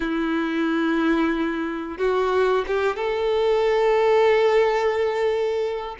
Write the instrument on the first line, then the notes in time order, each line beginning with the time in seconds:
violin
0.00 E4
1.98 F#4
2.67 G4
2.96 A4